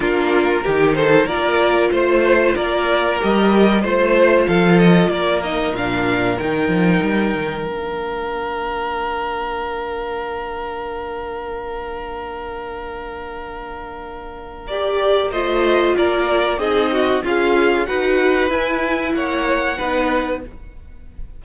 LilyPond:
<<
  \new Staff \with { instrumentName = "violin" } { \time 4/4 \tempo 4 = 94 ais'4. c''8 d''4 c''4 | d''4 dis''4 c''4 f''8 dis''8 | d''8 dis''8 f''4 g''2 | f''1~ |
f''1~ | f''2. d''4 | dis''4 d''4 dis''4 f''4 | fis''4 gis''4 fis''2 | }
  \new Staff \with { instrumentName = "violin" } { \time 4/4 f'4 g'8 a'8 ais'4 c''4 | ais'2 c''4 a'4 | ais'1~ | ais'1~ |
ais'1~ | ais'1 | c''4 ais'4 gis'8 fis'8 f'4 | b'2 cis''4 b'4 | }
  \new Staff \with { instrumentName = "viola" } { \time 4/4 d'4 dis'4 f'2~ | f'4 g'4 f'2~ | f'8 dis'8 d'4 dis'2 | d'1~ |
d'1~ | d'2. g'4 | f'2 dis'4 gis'4 | fis'4 e'2 dis'4 | }
  \new Staff \with { instrumentName = "cello" } { \time 4/4 ais4 dis4 ais4 a4 | ais4 g4 a4 f4 | ais4 ais,4 dis8 f8 g8 dis8 | ais1~ |
ais1~ | ais1 | a4 ais4 c'4 cis'4 | dis'4 e'4 ais4 b4 | }
>>